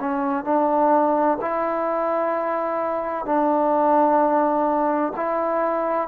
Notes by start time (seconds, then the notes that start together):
0.00 C#4
0.44 D4
1.41 E4
3.25 D4
5.16 E4